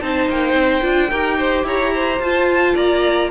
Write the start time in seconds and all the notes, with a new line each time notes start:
0.00 C4 D#4 C5 A5
0.30 A#3 G5
0.54 C4
0.82 D4 F4
1.10 D#4 G4 A#4
1.38 C5
1.63 E4 C#5 A#5
1.94 C5
2.19 F4 A5
2.75 A#3 D5 A#5